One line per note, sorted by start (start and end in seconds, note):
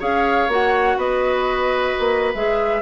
0.00 0.48 C#4
0.00 0.49 G#4
0.00 0.98 C#5
0.00 0.51 F5
0.48 0.97 A#3
0.48 2.34 F#4
0.48 0.99 F#5
0.97 1.95 B3
0.97 2.82 B4
0.97 2.34 D#5
1.99 2.35 A#3
2.34 2.82 G#3
2.34 2.82 G#4
2.34 2.82 E5